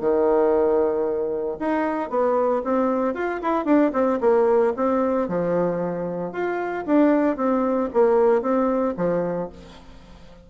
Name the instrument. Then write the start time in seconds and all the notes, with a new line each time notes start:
bassoon
0.00 D#3
1.60 D#4
2.10 B3
2.64 C4
3.14 F4
3.42 E4
3.65 D4
3.93 C4
4.21 A#3
4.76 C4
5.28 F3
6.32 F4
6.86 D4
7.37 C4
7.93 A#3
8.42 C4
8.97 F3